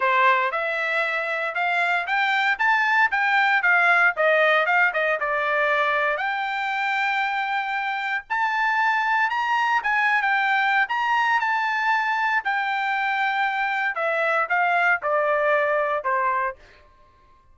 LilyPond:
\new Staff \with { instrumentName = "trumpet" } { \time 4/4 \tempo 4 = 116 c''4 e''2 f''4 | g''4 a''4 g''4 f''4 | dis''4 f''8 dis''8 d''2 | g''1 |
a''2 ais''4 gis''8. g''16~ | g''4 ais''4 a''2 | g''2. e''4 | f''4 d''2 c''4 | }